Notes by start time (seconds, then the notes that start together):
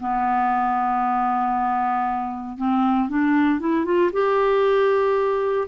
0.00 B3
2.58 C4
3.09 D4
3.60 E4
3.85 F4
4.13 G4